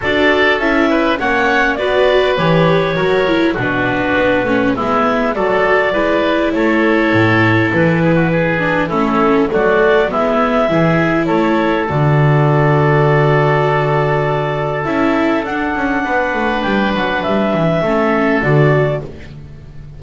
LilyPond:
<<
  \new Staff \with { instrumentName = "clarinet" } { \time 4/4 \tempo 4 = 101 d''4 e''4 fis''4 d''4 | cis''2 b'2 | e''4 d''2 cis''4~ | cis''4 b'2 a'4 |
d''4 e''2 cis''4 | d''1~ | d''4 e''4 fis''2 | g''8 fis''8 e''2 d''4 | }
  \new Staff \with { instrumentName = "oboe" } { \time 4/4 a'4. b'8 cis''4 b'4~ | b'4 ais'4 fis'2 | e'4 a'4 b'4 a'4~ | a'4. gis'16 fis'16 gis'4 e'4 |
fis'4 e'4 gis'4 a'4~ | a'1~ | a'2. b'4~ | b'2 a'2 | }
  \new Staff \with { instrumentName = "viola" } { \time 4/4 fis'4 e'4 cis'4 fis'4 | g'4 fis'8 e'8 d'4. cis'8 | b4 fis'4 e'2~ | e'2~ e'8 d'8 cis'4 |
a4 b4 e'2 | fis'1~ | fis'4 e'4 d'2~ | d'2 cis'4 fis'4 | }
  \new Staff \with { instrumentName = "double bass" } { \time 4/4 d'4 cis'4 ais4 b4 | e4 fis4 b,4 b8 a8 | gis4 fis4 gis4 a4 | a,4 e2 a4 |
fis4 gis4 e4 a4 | d1~ | d4 cis'4 d'8 cis'8 b8 a8 | g8 fis8 g8 e8 a4 d4 | }
>>